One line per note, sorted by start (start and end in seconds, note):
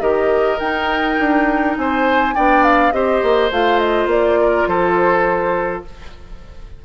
0.00 0.59 D#3
0.00 0.58 G4
0.00 1.77 A#4
0.00 0.58 D#5
0.59 1.18 D#4
0.59 2.35 D#4
0.59 1.76 G5
1.19 1.77 D4
1.77 2.35 C4
1.77 2.35 C5
1.77 2.35 G#5
2.35 2.92 B3
2.35 2.92 D4
2.35 2.93 D5
2.35 2.63 G5
2.63 2.92 F5
2.92 3.21 C4
2.92 3.50 G4
2.92 4.40 C5
2.92 3.50 D#5
3.23 3.50 A#3
3.50 4.06 A3
3.50 5.84 F4
3.50 3.78 F5
3.78 4.08 D#5
4.06 4.64 A#3
4.06 4.67 D5
4.40 4.68 A#4
4.67 5.84 F3
4.67 5.84 A4
4.67 5.84 C5